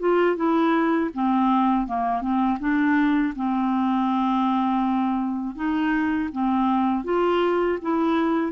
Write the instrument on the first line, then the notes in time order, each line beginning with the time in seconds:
clarinet
0.00 F4
0.36 E4
1.14 C4
1.87 A#3
2.22 C4
2.60 D4
3.36 C4
5.56 D#4
6.33 C4
7.05 F4
7.82 E4